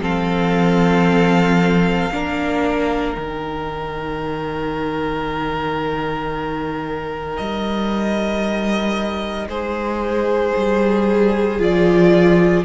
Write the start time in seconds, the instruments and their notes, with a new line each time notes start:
0.00 cello F3, viola C4, violin A4 F5
2.11 cello A#3, viola D4, violin A#4
3.15 cello D#3, viola D#4, violin G5
7.37 cello G3, violin D#5
9.47 cello G#3, violin G#4 C5
10.56 cello G3
11.59 cello F3, viola F4, violin D5